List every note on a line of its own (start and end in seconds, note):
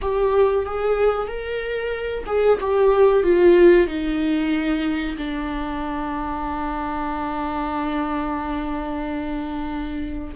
0.01 0.65 G4
0.65 1.27 G#4
1.27 2.24 A#4
2.26 2.58 G#4
2.60 3.23 G4
3.23 3.87 F4
3.87 5.16 D#4
5.17 10.33 D4